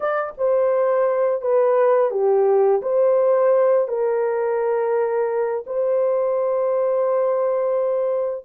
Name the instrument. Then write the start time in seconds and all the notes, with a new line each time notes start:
horn
0.00 D5
0.37 C5
1.41 B4
2.10 G4
2.82 C5
3.88 A#4
5.66 C5